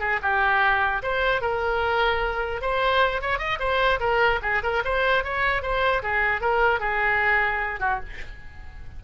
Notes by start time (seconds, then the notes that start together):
0.00 G#4
0.23 G4
1.03 C5
1.41 A#4
2.61 C5
3.22 C#5
3.39 D#5
3.60 C5
4.00 A#4
4.42 G#4
4.63 A#4
4.85 C5
5.24 C#5
5.63 C5
6.03 G#4
6.41 A#4
6.80 G#4
7.80 F#4